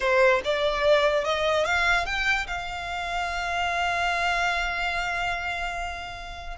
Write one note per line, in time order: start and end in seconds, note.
0.00 0.41 C5
0.44 1.24 D5
1.24 1.65 D#5
1.65 2.05 F5
2.05 2.46 G5
2.47 6.57 F5